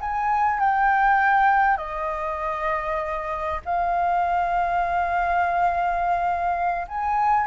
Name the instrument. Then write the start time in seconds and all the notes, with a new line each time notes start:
flute
0.00 G#5
0.60 G5
1.77 D#5
3.65 F5
6.88 G#5